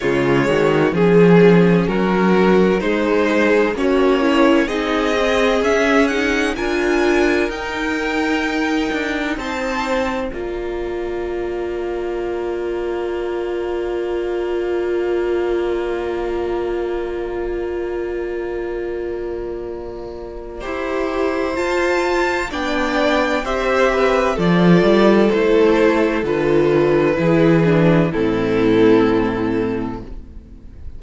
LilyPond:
<<
  \new Staff \with { instrumentName = "violin" } { \time 4/4 \tempo 4 = 64 cis''4 gis'4 ais'4 c''4 | cis''4 dis''4 e''8 fis''8 gis''4 | g''2 a''4 ais''4~ | ais''1~ |
ais''1~ | ais''2. a''4 | g''4 e''4 d''4 c''4 | b'2 a'2 | }
  \new Staff \with { instrumentName = "violin" } { \time 4/4 f'8 fis'8 gis'4 fis'4 dis'4 | cis'4 gis'2 ais'4~ | ais'2 c''4 d''4~ | d''1~ |
d''1~ | d''2 c''2 | d''4 c''8 b'8 a'2~ | a'4 gis'4 e'2 | }
  \new Staff \with { instrumentName = "viola" } { \time 4/4 gis4 cis'2 gis8 gis'8 | fis'8 e'8 dis'8 c'8 cis'8 dis'8 f'4 | dis'2. f'4~ | f'1~ |
f'1~ | f'2 g'4 f'4 | d'4 g'4 f'4 e'4 | f'4 e'8 d'8 c'2 | }
  \new Staff \with { instrumentName = "cello" } { \time 4/4 cis8 dis8 f4 fis4 gis4 | ais4 c'4 cis'4 d'4 | dis'4. d'8 c'4 ais4~ | ais1~ |
ais1~ | ais2 e'4 f'4 | b4 c'4 f8 g8 a4 | d4 e4 a,2 | }
>>